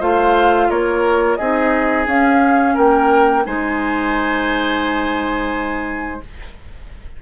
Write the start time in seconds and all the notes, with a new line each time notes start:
0.00 A3 F4 C5 F5
0.70 A#3 A#4 C#5
1.36 C4 D#4 G#4 D#5
2.07 C#4 F5
2.75 A#3 A#4 G5
3.45 G#3 D#4 C5 G#5